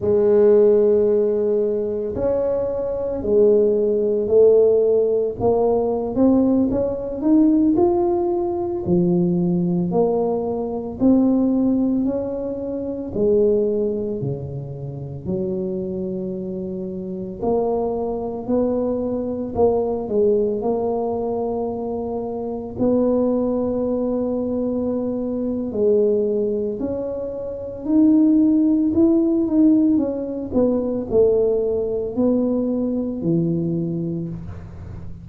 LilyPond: \new Staff \with { instrumentName = "tuba" } { \time 4/4 \tempo 4 = 56 gis2 cis'4 gis4 | a4 ais8. c'8 cis'8 dis'8 f'8.~ | f'16 f4 ais4 c'4 cis'8.~ | cis'16 gis4 cis4 fis4.~ fis16~ |
fis16 ais4 b4 ais8 gis8 ais8.~ | ais4~ ais16 b2~ b8. | gis4 cis'4 dis'4 e'8 dis'8 | cis'8 b8 a4 b4 e4 | }